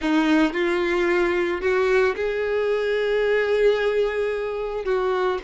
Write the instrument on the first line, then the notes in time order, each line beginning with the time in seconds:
violin
0.01 D#4
0.53 F4
1.61 F#4
2.15 G#4
4.84 F#4